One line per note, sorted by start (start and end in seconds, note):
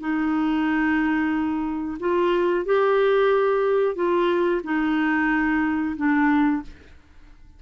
0.00 1.98 D#4
2.00 2.65 F4
2.65 3.95 G4
3.95 4.61 F4
4.64 5.96 D#4
5.96 6.62 D4